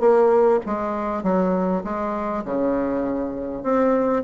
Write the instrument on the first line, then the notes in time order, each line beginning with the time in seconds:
bassoon
0.00 A#3
0.66 G#3
1.23 F#3
1.84 G#3
2.45 C#3
3.63 C4